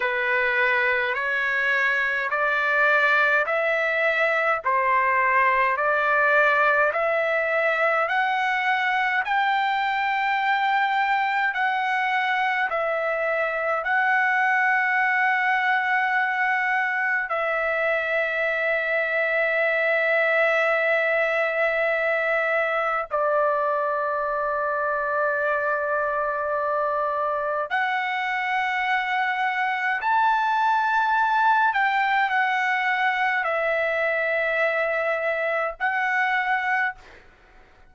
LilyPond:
\new Staff \with { instrumentName = "trumpet" } { \time 4/4 \tempo 4 = 52 b'4 cis''4 d''4 e''4 | c''4 d''4 e''4 fis''4 | g''2 fis''4 e''4 | fis''2. e''4~ |
e''1 | d''1 | fis''2 a''4. g''8 | fis''4 e''2 fis''4 | }